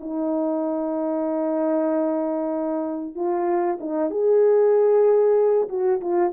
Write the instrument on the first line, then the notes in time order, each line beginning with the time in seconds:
horn
0.00 D#4
3.15 F4
3.80 D#4
4.11 G#4
5.69 F#4
6.01 F4